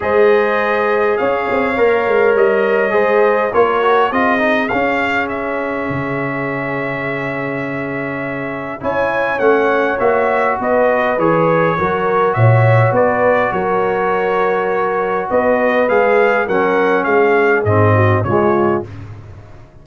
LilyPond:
<<
  \new Staff \with { instrumentName = "trumpet" } { \time 4/4 \tempo 4 = 102 dis''2 f''2 | dis''2 cis''4 dis''4 | f''4 e''2.~ | e''2. gis''4 |
fis''4 e''4 dis''4 cis''4~ | cis''4 e''4 d''4 cis''4~ | cis''2 dis''4 f''4 | fis''4 f''4 dis''4 cis''4 | }
  \new Staff \with { instrumentName = "horn" } { \time 4/4 c''2 cis''2~ | cis''4 c''4 ais'4 gis'4~ | gis'1~ | gis'2. cis''4~ |
cis''2 b'2 | ais'4 cis''4 b'4 ais'4~ | ais'2 b'2 | ais'4 gis'4. fis'8 f'4 | }
  \new Staff \with { instrumentName = "trombone" } { \time 4/4 gis'2. ais'4~ | ais'4 gis'4 f'8 fis'8 f'8 dis'8 | cis'1~ | cis'2. e'4 |
cis'4 fis'2 gis'4 | fis'1~ | fis'2. gis'4 | cis'2 c'4 gis4 | }
  \new Staff \with { instrumentName = "tuba" } { \time 4/4 gis2 cis'8 c'8 ais8 gis8 | g4 gis4 ais4 c'4 | cis'2 cis2~ | cis2. cis'4 |
a4 ais4 b4 e4 | fis4 ais,4 b4 fis4~ | fis2 b4 gis4 | fis4 gis4 gis,4 cis4 | }
>>